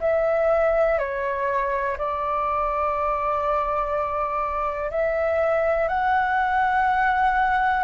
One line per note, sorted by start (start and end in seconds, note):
0.00 0.98 E5
0.98 1.97 C#5
1.98 4.91 D5
4.91 5.88 E5
5.88 7.84 F#5